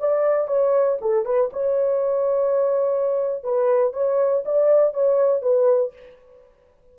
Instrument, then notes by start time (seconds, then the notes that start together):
horn
0.00 D5
0.48 C#5
1.01 A4
1.26 B4
1.53 C#5
3.44 B4
3.94 C#5
4.45 D5
4.94 C#5
5.42 B4